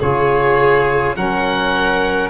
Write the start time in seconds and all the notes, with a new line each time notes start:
0.00 C#3 F4 G#4 C#5
1.16 F#3 C#4 A#4 F#5